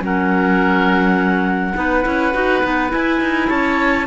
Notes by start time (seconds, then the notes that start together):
0.00 F#3 C#4 A#4 F#5
1.74 B3 D#4 B4
2.02 C#4 E4
2.32 D#4 F#4
2.62 B3 D#4
2.89 E4 G#5
3.21 D#4
3.48 C#4 C#5 A5